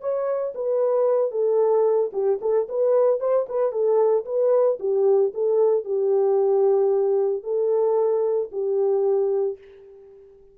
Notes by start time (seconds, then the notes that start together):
0.00 C#5
0.55 B4
1.31 A4
2.12 G4
2.41 A4
2.69 B4
3.20 C5
3.49 B4
3.72 A4
4.25 B4
4.79 G4
5.34 A4
5.84 G4
7.43 A4
8.51 G4